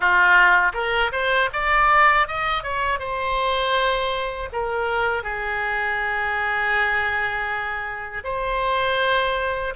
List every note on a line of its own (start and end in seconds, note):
0.00 0.72 F4
0.73 1.11 A#4
1.12 1.49 C5
1.52 2.27 D5
2.27 2.63 D#5
2.63 2.99 C#5
2.99 4.49 C5
4.52 5.23 A#4
5.23 8.23 G#4
8.23 9.73 C5